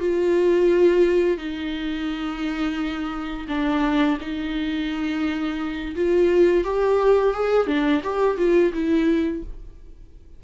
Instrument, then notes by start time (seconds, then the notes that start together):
viola
0.00 F4
1.38 D#4
3.48 D4
4.21 D#4
5.96 F4
6.64 G4
7.34 G#4
7.67 D4
8.04 G4
8.38 F4
8.73 E4